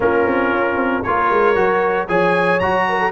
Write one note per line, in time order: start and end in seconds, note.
0.00 0.26 A#3
0.00 1.03 C#4
0.00 1.06 F4
0.00 1.03 A#4
0.26 0.51 C4
0.51 0.75 C#4
0.75 1.01 C4
1.03 1.30 A#3
1.03 1.55 F4
1.03 2.07 A#4
1.03 2.07 C#5
1.30 1.56 G#3
1.55 2.08 F#3
1.55 2.07 F#4
2.07 2.60 F3
2.07 2.60 G#4
2.07 2.86 C#5
2.07 2.59 G#5
2.59 3.11 F#3
2.59 3.11 F#4
2.59 3.11 A#5
2.88 2.99 A#4
2.99 3.11 A4